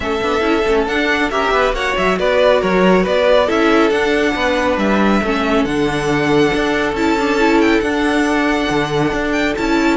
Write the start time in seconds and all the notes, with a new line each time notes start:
0.00 A3 C#4 A4 E5
0.22 B3 D4
0.40 C#4 E4
0.66 A3 C#4
0.86 D4 F#5
1.30 C#4 G4 A#4 E5
1.51 B3 B4
1.72 A#3 F#4 C#5 F#5
1.97 F#3 E5
2.18 B3 B4 D5
2.60 F#3 A#4 C#5
3.03 B3 B4 D5
3.46 C#4 E4 A4 E5
3.90 D4 F#5
4.35 B3 B4
4.77 G3 E5
5.22 A3 C#4 A4
5.64 D3 D4 F#5
6.54 D4
6.92 C#4 E4 A5
7.19 D4
7.39 E4
7.60 G5
7.80 D4 F#5
8.69 D3
9.12 D4
9.32 G5
9.57 C#4 E4 A5